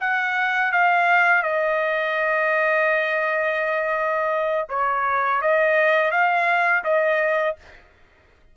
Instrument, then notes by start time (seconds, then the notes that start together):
trumpet
0.00 F#5
0.72 F5
1.43 D#5
4.69 C#5
5.41 D#5
6.11 F5
6.84 D#5